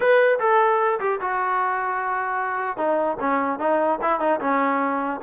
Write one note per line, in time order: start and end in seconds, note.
0.00 0.39 B4
0.39 0.99 A4
1.00 1.20 G4
1.20 2.77 F#4
2.77 3.17 D#4
3.19 3.59 C#4
3.59 3.99 D#4
4.01 4.20 E4
4.20 4.40 D#4
4.40 5.20 C#4